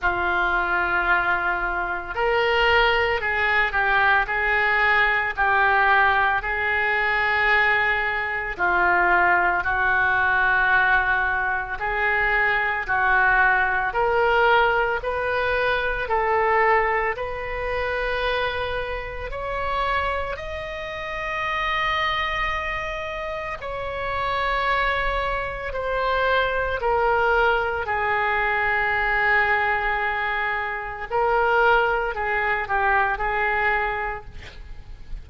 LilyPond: \new Staff \with { instrumentName = "oboe" } { \time 4/4 \tempo 4 = 56 f'2 ais'4 gis'8 g'8 | gis'4 g'4 gis'2 | f'4 fis'2 gis'4 | fis'4 ais'4 b'4 a'4 |
b'2 cis''4 dis''4~ | dis''2 cis''2 | c''4 ais'4 gis'2~ | gis'4 ais'4 gis'8 g'8 gis'4 | }